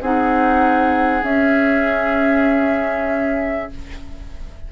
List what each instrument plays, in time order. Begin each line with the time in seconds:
0.00 bassoon C4, clarinet D#4, oboe G#4, flute F#5
1.22 bassoon C#4, clarinet C#4, flute E5